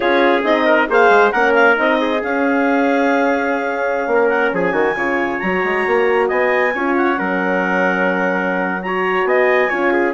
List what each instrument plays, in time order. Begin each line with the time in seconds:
0.00 bassoon C#4, horn F4, trumpet G#4, clarinet C#5
0.43 bassoon C4, horn D#4, clarinet D#5
0.65 trumpet A#4
0.88 bassoon A#3, horn G#4, trumpet C5, clarinet F5
1.09 bassoon G#3
1.31 bassoon A#3, horn C#4, trumpet A#4, clarinet F#5
1.54 clarinet F5
1.75 bassoon C4, horn D#4, clarinet D#5
2.00 trumpet G#4
2.20 horn C#4, bassoon C#4, clarinet F5
4.07 bassoon A#3, trumpet A#4
4.28 clarinet F#5
4.52 bassoon F3, trumpet G#4, clarinet G#5
4.72 bassoon D#3, trumpet F#4
4.95 bassoon C#3, horn F4, trumpet C#5
5.39 bassoon F#3, horn F#4, clarinet A#5
5.64 bassoon G#3
5.86 bassoon A#3
6.28 bassoon B3, trumpet D#5, clarinet G#5
6.74 bassoon C#4, horn F4, trumpet C#5
6.96 clarinet F#5
7.16 bassoon F#3, horn C#4, trumpet A#4
8.82 horn F#4, trumpet C#5, clarinet A#5
9.24 bassoon B3, trumpet D#5, clarinet G#5
9.69 bassoon C#4, horn F4, trumpet C#5
9.92 trumpet G#4